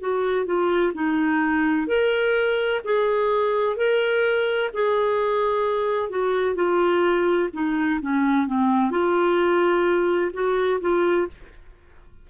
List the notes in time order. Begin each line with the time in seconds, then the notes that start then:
0.00 F#4
0.46 F4
0.94 D#4
1.87 A#4
2.84 G#4
3.76 A#4
4.73 G#4
6.09 F#4
6.55 F4
7.53 D#4
8.01 C#4
8.47 C4
8.91 F4
10.33 F#4
10.81 F4